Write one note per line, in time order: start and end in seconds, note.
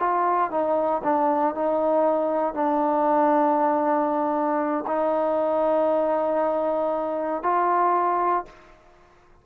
0.00 0.51 F4
0.51 1.03 D#4
1.04 1.55 D4
1.55 2.54 D#4
2.54 4.85 D4
4.88 7.43 D#4
7.43 8.46 F4